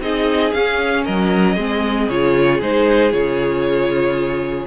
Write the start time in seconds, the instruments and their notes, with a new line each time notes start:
0.00 cello C4, viola D#4, violin G#4 D#5
0.52 viola C#4, cello C#4, violin F5
1.04 cello F#3, violin A#4 D#5
1.56 cello G#3, viola C4, violin G#4
2.09 cello C#3, viola F4, violin C#5
2.61 cello G#3, viola D#4, violin C5
3.12 cello C#3, viola F4, violin C#5